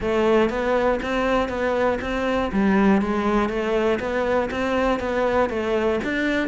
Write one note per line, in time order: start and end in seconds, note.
0.00 0.49 A3
0.49 0.99 B3
1.02 1.48 C4
1.48 1.98 B3
2.01 2.51 C4
2.52 3.01 G3
3.01 3.49 G#3
3.49 3.99 A3
3.99 4.49 B3
4.50 4.99 C4
4.99 5.49 B3
5.49 5.99 A3
6.03 6.47 D4